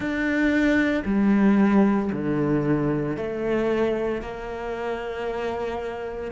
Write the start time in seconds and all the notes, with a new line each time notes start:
0.00 D4
1.05 G3
2.12 D3
3.16 A3
4.21 A#3